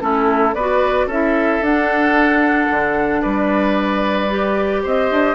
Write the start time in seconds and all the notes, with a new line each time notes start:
0.00 A3 C#4 E4 A4
0.54 B3 F#4 B4 D5
1.07 C#4 E4 A4 E5
1.61 D4 F#5
2.70 D3
3.22 G3 B4 D5
4.29 G4
4.83 C4 C5 D#5
5.11 D4